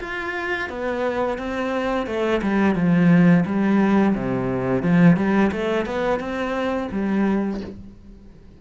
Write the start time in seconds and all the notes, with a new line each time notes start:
0.00 F4
0.69 B3
1.38 C4
2.06 A3
2.42 G3
2.75 F3
3.45 G3
4.15 C3
4.82 F3
5.16 G3
5.52 A3
5.86 B3
6.19 C4
6.91 G3